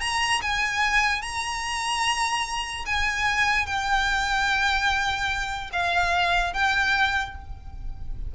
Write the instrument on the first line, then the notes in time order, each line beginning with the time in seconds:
violin
0.00 A#5
0.41 G#5
1.21 A#5
2.85 G#5
3.66 G5
5.72 F5
6.53 G5